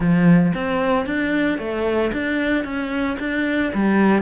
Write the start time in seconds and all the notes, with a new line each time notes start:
0.00 F3
0.54 C4
1.05 D4
1.58 A3
2.12 D4
2.64 C#4
3.19 D4
3.74 G3